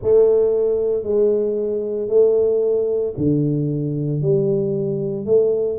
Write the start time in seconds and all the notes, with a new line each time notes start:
0.02 A3
1.03 G#3
2.08 A3
3.17 D3
4.21 G3
5.25 A3